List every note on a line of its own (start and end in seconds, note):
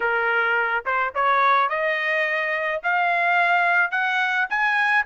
0.00 0.84 A#4
0.85 1.13 C5
1.14 1.69 C#5
1.69 2.81 D#5
2.83 3.91 F5
3.91 4.47 F#5
4.49 5.05 G#5